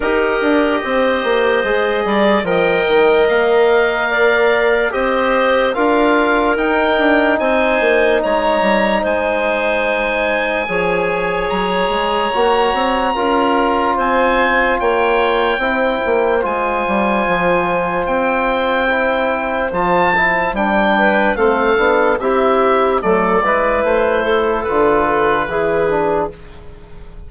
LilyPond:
<<
  \new Staff \with { instrumentName = "oboe" } { \time 4/4 \tempo 4 = 73 dis''2. g''4 | f''2 dis''4 f''4 | g''4 gis''4 ais''4 gis''4~ | gis''2 ais''2~ |
ais''4 gis''4 g''2 | gis''2 g''2 | a''4 g''4 f''4 e''4 | d''4 c''4 b'2 | }
  \new Staff \with { instrumentName = "clarinet" } { \time 4/4 ais'4 c''4. d''8 dis''4~ | dis''4 d''4 c''4 ais'4~ | ais'4 c''4 cis''4 c''4~ | c''4 cis''2. |
ais'4 c''4 cis''4 c''4~ | c''1~ | c''4. b'8 a'4 g'4 | a'8 b'4 a'4. gis'4 | }
  \new Staff \with { instrumentName = "trombone" } { \time 4/4 g'2 gis'4 ais'4~ | ais'2 g'4 f'4 | dis'1~ | dis'4 gis'2 fis'4 |
f'2. e'4 | f'2. e'4 | f'8 e'8 d'4 c'8 d'8 e'4 | a8 e'4. f'4 e'8 d'8 | }
  \new Staff \with { instrumentName = "bassoon" } { \time 4/4 dis'8 d'8 c'8 ais8 gis8 g8 f8 dis8 | ais2 c'4 d'4 | dis'8 d'8 c'8 ais8 gis8 g8 gis4~ | gis4 f4 fis8 gis8 ais8 c'8 |
cis'4 c'4 ais4 c'8 ais8 | gis8 g8 f4 c'2 | f4 g4 a8 b8 c'4 | fis8 gis8 a4 d4 e4 | }
>>